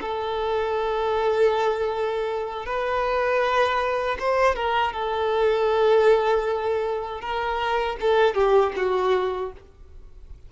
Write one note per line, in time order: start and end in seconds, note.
0.00 2.65 A4
2.65 4.17 B4
4.19 4.55 C5
4.55 4.93 A#4
4.93 7.20 A4
7.20 7.96 A#4
8.00 8.34 A4
8.34 8.72 G4
8.76 9.52 F#4